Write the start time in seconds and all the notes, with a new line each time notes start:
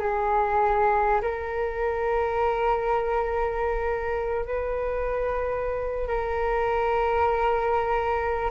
0.00 G#4
1.22 A#4
4.46 B4
6.08 A#4